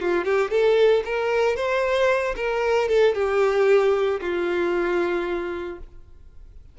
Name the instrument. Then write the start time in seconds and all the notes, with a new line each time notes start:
violin
0.00 F4
0.25 G4
0.50 A4
1.05 A#4
1.56 C5
2.36 A#4
2.89 A4
3.15 G4
4.21 F4